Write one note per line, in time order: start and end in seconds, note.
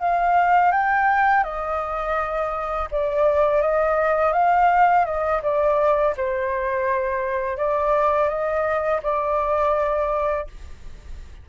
0.00 0.72 F5
0.72 1.44 G5
1.44 2.89 D#5
2.92 3.62 D5
3.62 4.33 D#5
4.33 5.06 F5
5.06 5.42 D#5
5.43 6.15 D5
6.17 7.58 C5
7.58 8.29 D5
8.29 9.02 D#5
9.03 10.48 D5